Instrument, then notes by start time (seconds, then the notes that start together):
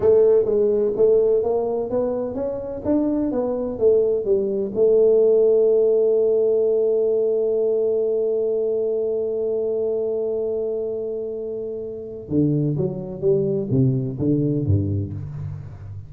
tuba
0.00 A3
0.45 G#3
0.96 A3
1.43 A#3
1.90 B3
2.34 C#4
2.85 D4
3.31 B3
3.78 A3
4.24 G3
4.74 A3
12.29 D3
12.76 F#3
13.20 G3
13.70 C3
14.18 D3
14.65 G2